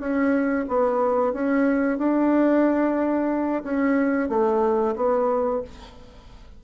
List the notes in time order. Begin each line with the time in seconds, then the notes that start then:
0.00 C#4
0.69 B3
1.33 C#4
1.98 D4
3.64 C#4
4.29 A3
4.96 B3